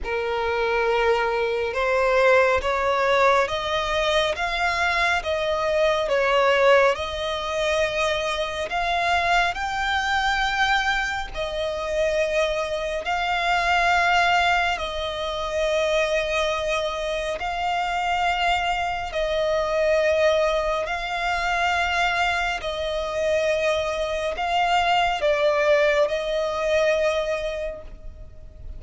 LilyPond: \new Staff \with { instrumentName = "violin" } { \time 4/4 \tempo 4 = 69 ais'2 c''4 cis''4 | dis''4 f''4 dis''4 cis''4 | dis''2 f''4 g''4~ | g''4 dis''2 f''4~ |
f''4 dis''2. | f''2 dis''2 | f''2 dis''2 | f''4 d''4 dis''2 | }